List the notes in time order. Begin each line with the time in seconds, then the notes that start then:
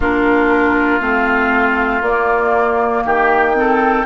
0.00 A#3 D4 F4 A#4
1.00 A3 C4 F5
2.01 A#3 D5
3.04 D#3 G4 G5
3.54 C4 A4